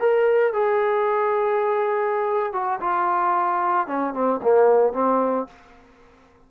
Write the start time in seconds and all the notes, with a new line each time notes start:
0.00 A#4
0.53 G#4
2.53 F#4
2.80 F4
3.87 C#4
4.13 C4
4.42 A#3
4.93 C4